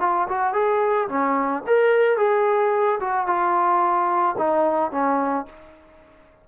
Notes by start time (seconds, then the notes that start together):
0.00 F4
0.28 F#4
0.53 G#4
1.08 C#4
1.67 A#4
2.17 G#4
3.00 F#4
3.27 F4
4.38 D#4
4.91 C#4